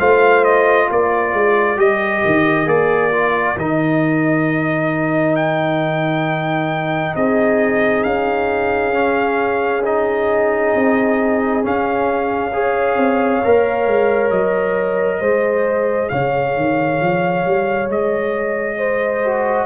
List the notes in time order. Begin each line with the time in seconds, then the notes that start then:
0.00 A3 F4 C5 F5
0.45 D#5
0.89 A#3 A#4 D5
1.34 G#3
1.77 G3 G4 D#5
2.26 D#3
2.66 A#3 G#4 D5
3.12 F4
3.57 D#3 D#4 D#5
5.36 G5
7.15 C4 G#4 D#5
8.04 C#4 F5
8.93 C#4
9.84 D#4 D#5
10.75 C4
11.63 C#4 F5
12.53 G#4 C#5
12.97 C4
13.45 A#3 A#4
13.87 G#3
14.31 F#3 D#5
15.21 G#3 G#4 C5
16.09 C#3 C#5 F5
16.57 D#3
17.01 F3
17.46 G3
17.89 G#3 D#5
18.78 C5
19.25 F#4